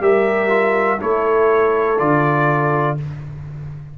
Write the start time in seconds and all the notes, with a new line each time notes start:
0.00 G3 G4 A#4 E5
0.49 F4
0.99 A3 E4 A4 C#5
1.99 D3 F4 D5